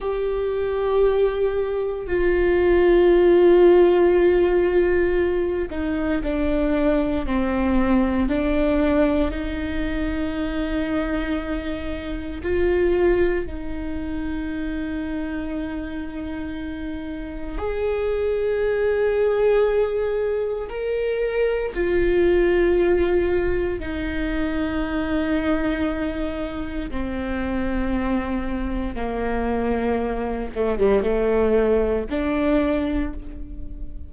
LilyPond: \new Staff \with { instrumentName = "viola" } { \time 4/4 \tempo 4 = 58 g'2 f'2~ | f'4. dis'8 d'4 c'4 | d'4 dis'2. | f'4 dis'2.~ |
dis'4 gis'2. | ais'4 f'2 dis'4~ | dis'2 c'2 | ais4. a16 g16 a4 d'4 | }